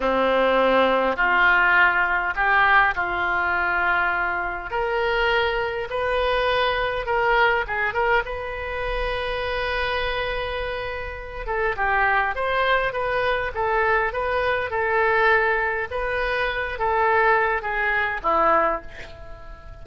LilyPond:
\new Staff \with { instrumentName = "oboe" } { \time 4/4 \tempo 4 = 102 c'2 f'2 | g'4 f'2. | ais'2 b'2 | ais'4 gis'8 ais'8 b'2~ |
b'2.~ b'8 a'8 | g'4 c''4 b'4 a'4 | b'4 a'2 b'4~ | b'8 a'4. gis'4 e'4 | }